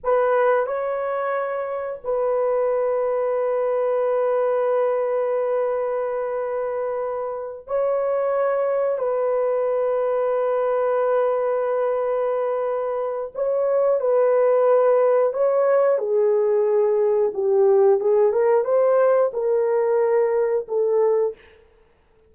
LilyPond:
\new Staff \with { instrumentName = "horn" } { \time 4/4 \tempo 4 = 90 b'4 cis''2 b'4~ | b'1~ | b'2.~ b'8 cis''8~ | cis''4. b'2~ b'8~ |
b'1 | cis''4 b'2 cis''4 | gis'2 g'4 gis'8 ais'8 | c''4 ais'2 a'4 | }